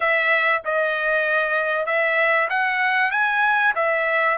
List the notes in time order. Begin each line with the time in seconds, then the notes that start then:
0.00 E5
0.64 D#5
1.86 E5
2.49 F#5
3.11 G#5
3.75 E5